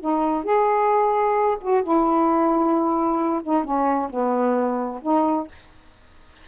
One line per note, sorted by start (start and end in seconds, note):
0.00 0.44 D#4
0.44 1.57 G#4
1.61 1.83 F#4
1.83 3.42 E4
3.43 3.64 D#4
3.64 4.10 C#4
4.10 5.01 B3
5.02 5.48 D#4